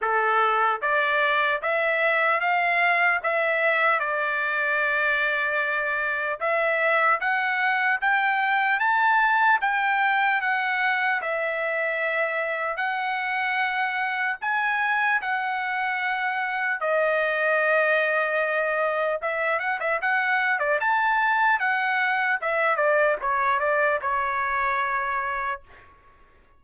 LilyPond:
\new Staff \with { instrumentName = "trumpet" } { \time 4/4 \tempo 4 = 75 a'4 d''4 e''4 f''4 | e''4 d''2. | e''4 fis''4 g''4 a''4 | g''4 fis''4 e''2 |
fis''2 gis''4 fis''4~ | fis''4 dis''2. | e''8 fis''16 e''16 fis''8. d''16 a''4 fis''4 | e''8 d''8 cis''8 d''8 cis''2 | }